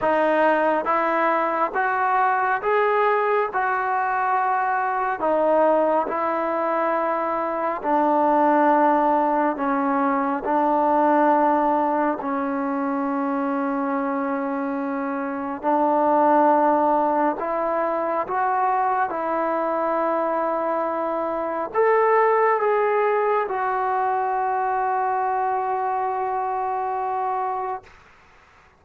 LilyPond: \new Staff \with { instrumentName = "trombone" } { \time 4/4 \tempo 4 = 69 dis'4 e'4 fis'4 gis'4 | fis'2 dis'4 e'4~ | e'4 d'2 cis'4 | d'2 cis'2~ |
cis'2 d'2 | e'4 fis'4 e'2~ | e'4 a'4 gis'4 fis'4~ | fis'1 | }